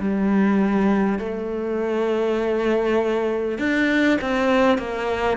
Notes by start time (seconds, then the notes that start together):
0.00 G3
1.19 A3
3.59 D4
4.22 C4
4.79 A#3